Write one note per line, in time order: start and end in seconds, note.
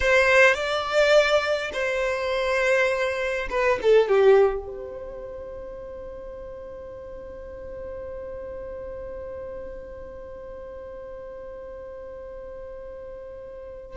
0.00 0.54 C5
0.54 1.71 D5
1.73 3.48 C5
3.50 3.79 B4
3.82 4.08 A4
4.08 4.66 G4
4.66 13.97 C5